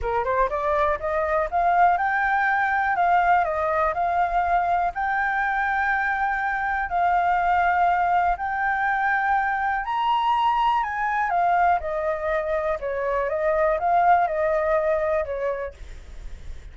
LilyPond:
\new Staff \with { instrumentName = "flute" } { \time 4/4 \tempo 4 = 122 ais'8 c''8 d''4 dis''4 f''4 | g''2 f''4 dis''4 | f''2 g''2~ | g''2 f''2~ |
f''4 g''2. | ais''2 gis''4 f''4 | dis''2 cis''4 dis''4 | f''4 dis''2 cis''4 | }